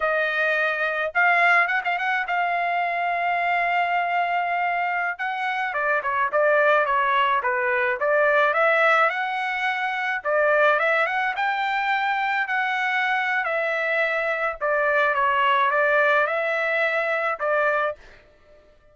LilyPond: \new Staff \with { instrumentName = "trumpet" } { \time 4/4 \tempo 4 = 107 dis''2 f''4 fis''16 f''16 fis''8 | f''1~ | f''4~ f''16 fis''4 d''8 cis''8 d''8.~ | d''16 cis''4 b'4 d''4 e''8.~ |
e''16 fis''2 d''4 e''8 fis''16~ | fis''16 g''2 fis''4.~ fis''16 | e''2 d''4 cis''4 | d''4 e''2 d''4 | }